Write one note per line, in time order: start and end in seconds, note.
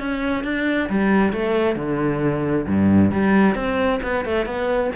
0.00 0.44 C#4
0.44 0.90 D4
0.90 1.33 G3
1.33 1.76 A3
1.76 2.67 D3
2.67 3.12 G2
3.12 3.56 G3
3.56 4.01 C4
4.03 4.25 B3
4.25 4.46 A3
4.46 4.92 B3